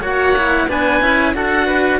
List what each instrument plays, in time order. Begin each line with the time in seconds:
0.00 cello A#3 F#4, oboe C#5 F#5
0.38 cello E4
0.68 cello B3 D4, oboe B4 G#5
1.01 cello C#4 E4
1.34 cello D4 F#4, oboe A4 F#5
1.66 oboe B4